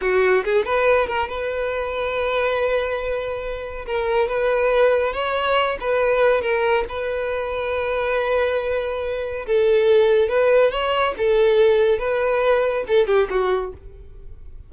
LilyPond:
\new Staff \with { instrumentName = "violin" } { \time 4/4 \tempo 4 = 140 fis'4 gis'8 b'4 ais'8 b'4~ | b'1~ | b'4 ais'4 b'2 | cis''4. b'4. ais'4 |
b'1~ | b'2 a'2 | b'4 cis''4 a'2 | b'2 a'8 g'8 fis'4 | }